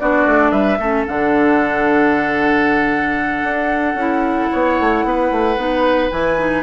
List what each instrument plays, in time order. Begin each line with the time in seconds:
0.00 bassoon B3, clarinet D4, oboe F#4, flute D5
0.26 bassoon A3
0.52 bassoon G3, oboe B4, flute E5
0.79 bassoon A3, clarinet C#4, oboe A4
1.07 bassoon D3, clarinet D4, flute F#5
3.43 bassoon D4
3.95 bassoon C#4, clarinet E4
4.52 bassoon B3, oboe C#5
4.80 bassoon A3
5.04 bassoon B3, oboe B4
5.31 bassoon A3
5.57 bassoon B3, clarinet D#4
6.11 bassoon E3, clarinet E4, flute G#5
6.38 clarinet D#4